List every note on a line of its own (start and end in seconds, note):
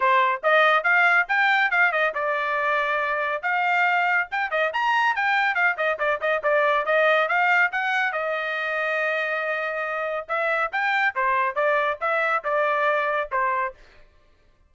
0.00 0.41 C5
0.43 0.83 D#5
0.83 1.26 F5
1.28 1.70 G5
1.70 1.91 F5
1.91 2.13 D#5
2.14 3.42 D5
3.42 4.28 F5
4.31 4.51 G5
4.51 4.72 D#5
4.73 5.15 A#5
5.15 5.54 G5
5.54 5.76 F5
5.77 5.98 D#5
5.98 6.20 D5
6.20 6.42 D#5
6.43 6.85 D5
6.85 7.28 D#5
7.28 7.71 F5
7.72 8.12 F#5
8.12 10.26 D#5
10.28 10.71 E5
10.72 11.14 G5
11.15 11.55 C5
11.55 11.98 D5
12.00 12.43 E5
12.44 13.30 D5
13.31 13.74 C5